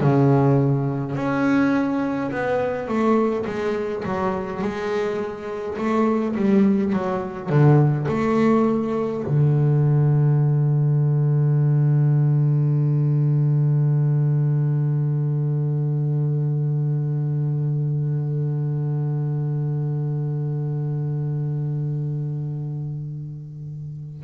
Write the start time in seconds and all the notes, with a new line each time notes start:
0.00 C#3
1.15 C#4
2.31 B3
2.87 A3
3.46 G#3
4.04 F#3
4.62 G#3
5.77 A3
6.35 G3
6.92 F#3
7.49 D3
8.08 A3
9.26 D3